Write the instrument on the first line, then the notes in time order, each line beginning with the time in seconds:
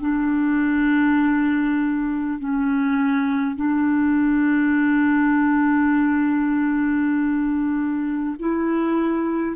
clarinet
0.00 D4
2.39 C#4
3.56 D4
8.39 E4